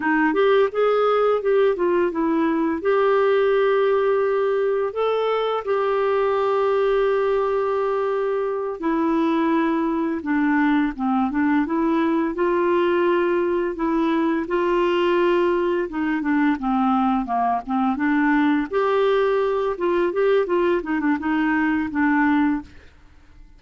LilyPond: \new Staff \with { instrumentName = "clarinet" } { \time 4/4 \tempo 4 = 85 dis'8 g'8 gis'4 g'8 f'8 e'4 | g'2. a'4 | g'1~ | g'8 e'2 d'4 c'8 |
d'8 e'4 f'2 e'8~ | e'8 f'2 dis'8 d'8 c'8~ | c'8 ais8 c'8 d'4 g'4. | f'8 g'8 f'8 dis'16 d'16 dis'4 d'4 | }